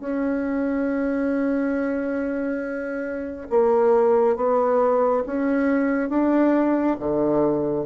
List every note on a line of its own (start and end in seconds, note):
0.00 3.48 C#4
3.50 4.37 A#3
4.37 5.24 B3
5.26 6.10 C#4
6.10 6.97 D4
7.00 7.86 D3